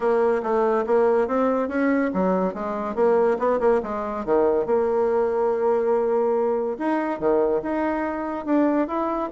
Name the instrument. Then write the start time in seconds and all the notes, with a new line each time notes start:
bassoon
0.00 A#3
0.42 A3
0.86 A#3
1.27 C4
1.68 C#4
2.13 F#3
2.54 G#3
2.95 A#3
3.38 B3
3.60 A#3
3.82 G#3
4.25 D#3
4.66 A#3
6.78 D#4
7.19 D#3
7.62 D#4
8.45 D4
8.87 E4